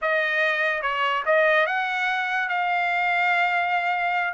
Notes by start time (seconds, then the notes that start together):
0.01 D#5
0.82 C#5
1.25 D#5
1.66 F#5
2.48 F5